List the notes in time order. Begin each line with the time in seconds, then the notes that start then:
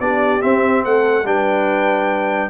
0.00 B3 D4 G4 D5
0.41 C4 E5
0.85 A3 A4 F#5
1.24 G3 D4 B4 G5